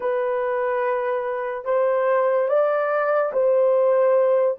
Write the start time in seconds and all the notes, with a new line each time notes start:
0.00 B4
1.64 C5
2.48 D5
3.32 C5